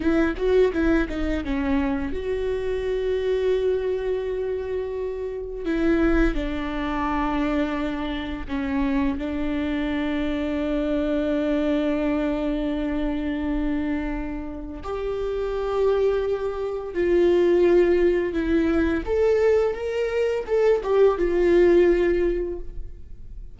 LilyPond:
\new Staff \with { instrumentName = "viola" } { \time 4/4 \tempo 4 = 85 e'8 fis'8 e'8 dis'8 cis'4 fis'4~ | fis'1 | e'4 d'2. | cis'4 d'2.~ |
d'1~ | d'4 g'2. | f'2 e'4 a'4 | ais'4 a'8 g'8 f'2 | }